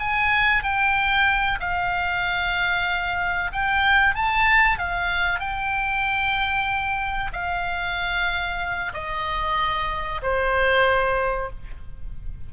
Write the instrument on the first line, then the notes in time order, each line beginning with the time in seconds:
oboe
0.00 G#5
0.64 G5
1.60 F5
3.53 G5
4.15 A5
4.79 F5
5.40 G5
7.33 F5
8.94 D#5
10.23 C5